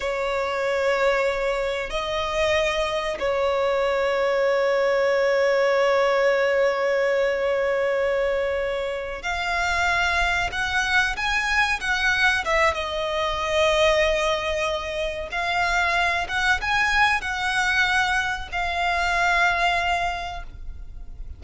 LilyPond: \new Staff \with { instrumentName = "violin" } { \time 4/4 \tempo 4 = 94 cis''2. dis''4~ | dis''4 cis''2.~ | cis''1~ | cis''2~ cis''8 f''4.~ |
f''8 fis''4 gis''4 fis''4 e''8 | dis''1 | f''4. fis''8 gis''4 fis''4~ | fis''4 f''2. | }